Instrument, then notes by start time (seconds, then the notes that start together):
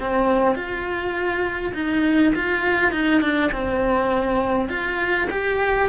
cello
0.00 C4
0.55 F4
1.74 D#4
2.35 F4
2.91 D#4
3.21 D4
3.52 C4
4.68 F4
5.30 G4